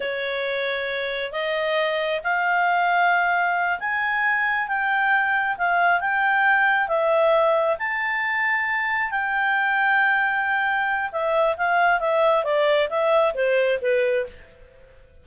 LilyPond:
\new Staff \with { instrumentName = "clarinet" } { \time 4/4 \tempo 4 = 135 cis''2. dis''4~ | dis''4 f''2.~ | f''8 gis''2 g''4.~ | g''8 f''4 g''2 e''8~ |
e''4. a''2~ a''8~ | a''8 g''2.~ g''8~ | g''4 e''4 f''4 e''4 | d''4 e''4 c''4 b'4 | }